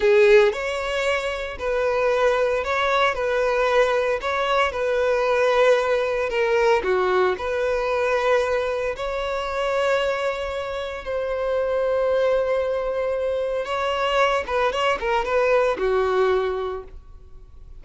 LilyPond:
\new Staff \with { instrumentName = "violin" } { \time 4/4 \tempo 4 = 114 gis'4 cis''2 b'4~ | b'4 cis''4 b'2 | cis''4 b'2. | ais'4 fis'4 b'2~ |
b'4 cis''2.~ | cis''4 c''2.~ | c''2 cis''4. b'8 | cis''8 ais'8 b'4 fis'2 | }